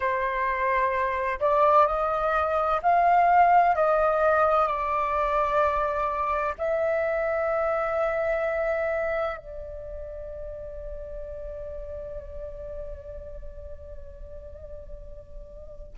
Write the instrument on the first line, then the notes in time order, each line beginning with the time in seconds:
flute
0.00 C5
1.39 D5
1.87 D#5
2.82 F5
3.75 D#5
4.67 D5
6.58 E5
9.37 D5